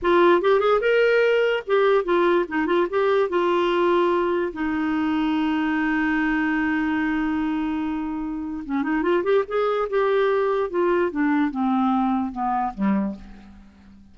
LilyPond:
\new Staff \with { instrumentName = "clarinet" } { \time 4/4 \tempo 4 = 146 f'4 g'8 gis'8 ais'2 | g'4 f'4 dis'8 f'8 g'4 | f'2. dis'4~ | dis'1~ |
dis'1~ | dis'4 cis'8 dis'8 f'8 g'8 gis'4 | g'2 f'4 d'4 | c'2 b4 g4 | }